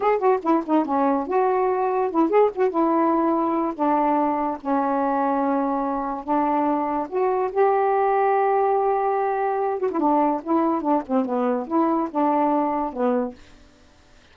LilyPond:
\new Staff \with { instrumentName = "saxophone" } { \time 4/4 \tempo 4 = 144 gis'8 fis'8 e'8 dis'8 cis'4 fis'4~ | fis'4 e'8 gis'8 fis'8 e'4.~ | e'4 d'2 cis'4~ | cis'2. d'4~ |
d'4 fis'4 g'2~ | g'2.~ g'8 fis'16 e'16 | d'4 e'4 d'8 c'8 b4 | e'4 d'2 b4 | }